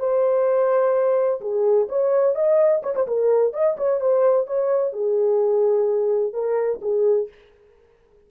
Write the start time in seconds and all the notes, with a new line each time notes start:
0.00 C5
1.41 G#4
1.89 C#5
2.36 D#5
2.83 C#5
2.96 C5
3.08 A#4
3.54 D#5
3.78 C#5
4.01 C5
4.47 C#5
4.93 G#4
6.34 A#4
6.82 G#4